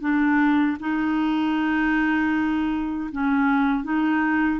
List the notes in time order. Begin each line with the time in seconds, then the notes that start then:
0.00 D4
0.79 D#4
3.12 C#4
3.83 D#4